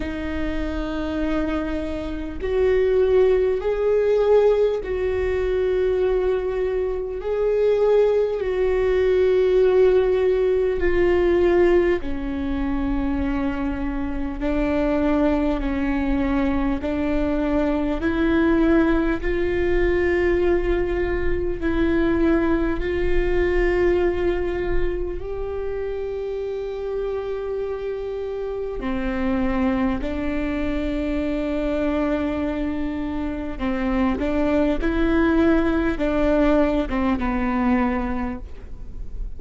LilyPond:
\new Staff \with { instrumentName = "viola" } { \time 4/4 \tempo 4 = 50 dis'2 fis'4 gis'4 | fis'2 gis'4 fis'4~ | fis'4 f'4 cis'2 | d'4 cis'4 d'4 e'4 |
f'2 e'4 f'4~ | f'4 g'2. | c'4 d'2. | c'8 d'8 e'4 d'8. c'16 b4 | }